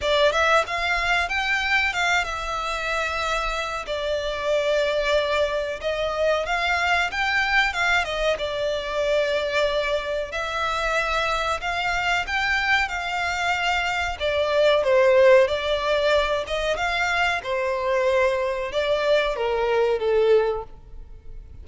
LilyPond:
\new Staff \with { instrumentName = "violin" } { \time 4/4 \tempo 4 = 93 d''8 e''8 f''4 g''4 f''8 e''8~ | e''2 d''2~ | d''4 dis''4 f''4 g''4 | f''8 dis''8 d''2. |
e''2 f''4 g''4 | f''2 d''4 c''4 | d''4. dis''8 f''4 c''4~ | c''4 d''4 ais'4 a'4 | }